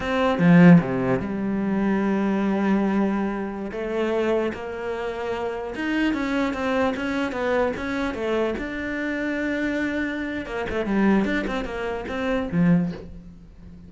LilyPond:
\new Staff \with { instrumentName = "cello" } { \time 4/4 \tempo 4 = 149 c'4 f4 c4 g4~ | g1~ | g4~ g16 a2 ais8.~ | ais2~ ais16 dis'4 cis'8.~ |
cis'16 c'4 cis'4 b4 cis'8.~ | cis'16 a4 d'2~ d'8.~ | d'2 ais8 a8 g4 | d'8 c'8 ais4 c'4 f4 | }